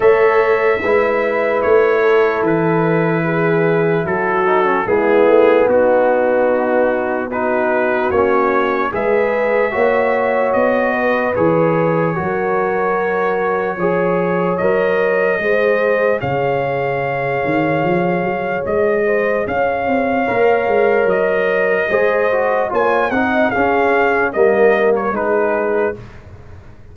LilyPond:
<<
  \new Staff \with { instrumentName = "trumpet" } { \time 4/4 \tempo 4 = 74 e''2 cis''4 b'4~ | b'4 a'4 gis'4 fis'4~ | fis'4 b'4 cis''4 e''4~ | e''4 dis''4 cis''2~ |
cis''2 dis''2 | f''2. dis''4 | f''2 dis''2 | gis''8 fis''8 f''4 dis''8. cis''16 b'4 | }
  \new Staff \with { instrumentName = "horn" } { \time 4/4 cis''4 b'4. a'4. | gis'4 fis'4 e'4 dis'4~ | dis'4 fis'2 b'4 | cis''4. b'4. ais'4~ |
ais'4 cis''2 c''4 | cis''2.~ cis''8 c''8 | cis''2. c''4 | cis''8 dis''8 gis'4 ais'4 gis'4 | }
  \new Staff \with { instrumentName = "trombone" } { \time 4/4 a'4 e'2.~ | e'4. dis'16 cis'16 b2~ | b4 dis'4 cis'4 gis'4 | fis'2 gis'4 fis'4~ |
fis'4 gis'4 ais'4 gis'4~ | gis'1~ | gis'4 ais'2 gis'8 fis'8 | f'8 dis'8 cis'4 ais4 dis'4 | }
  \new Staff \with { instrumentName = "tuba" } { \time 4/4 a4 gis4 a4 e4~ | e4 fis4 gis8 a8 b4~ | b2 ais4 gis4 | ais4 b4 e4 fis4~ |
fis4 f4 fis4 gis4 | cis4. dis8 f8 fis8 gis4 | cis'8 c'8 ais8 gis8 fis4 gis4 | ais8 c'8 cis'4 g4 gis4 | }
>>